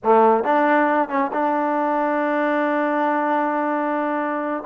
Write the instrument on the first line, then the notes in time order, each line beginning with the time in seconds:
trombone
0.03 A3
0.44 D4
1.08 C#4
1.32 D4